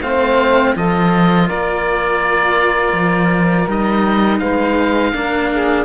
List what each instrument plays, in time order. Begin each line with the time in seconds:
0.00 cello A3 C4, saxophone C5, oboe F5
0.74 cello F3 F4, saxophone A4, oboe D#5
1.47 cello A#3, saxophone A#4, oboe D5
2.92 cello F3
3.67 cello G3 D#4, oboe D#5
4.39 cello G#3, saxophone B4, oboe F5
5.12 cello A#3 D4, saxophone A#4
5.51 saxophone G#4